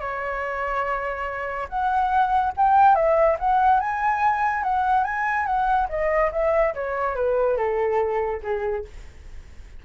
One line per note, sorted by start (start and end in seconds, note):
0.00 1.68 C#5
1.69 2.53 F#5
2.57 2.95 G5
2.95 3.37 E5
3.39 3.80 F#5
3.80 4.63 G#5
4.63 5.04 F#5
5.04 5.46 G#5
5.46 5.88 F#5
5.89 6.31 D#5
6.32 6.74 E5
6.75 7.16 C#5
7.16 7.57 B4
7.57 8.41 A4
8.43 8.85 G#4